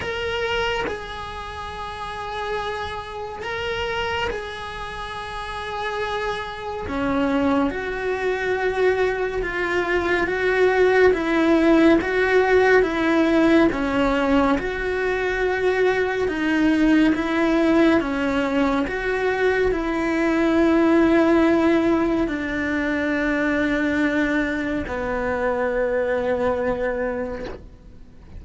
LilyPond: \new Staff \with { instrumentName = "cello" } { \time 4/4 \tempo 4 = 70 ais'4 gis'2. | ais'4 gis'2. | cis'4 fis'2 f'4 | fis'4 e'4 fis'4 e'4 |
cis'4 fis'2 dis'4 | e'4 cis'4 fis'4 e'4~ | e'2 d'2~ | d'4 b2. | }